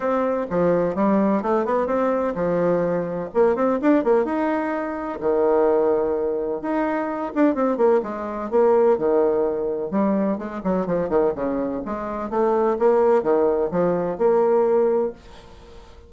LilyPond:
\new Staff \with { instrumentName = "bassoon" } { \time 4/4 \tempo 4 = 127 c'4 f4 g4 a8 b8 | c'4 f2 ais8 c'8 | d'8 ais8 dis'2 dis4~ | dis2 dis'4. d'8 |
c'8 ais8 gis4 ais4 dis4~ | dis4 g4 gis8 fis8 f8 dis8 | cis4 gis4 a4 ais4 | dis4 f4 ais2 | }